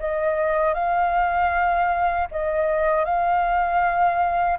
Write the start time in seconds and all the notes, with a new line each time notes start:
0.00 D#5
0.74 F5
2.32 D#5
3.05 F5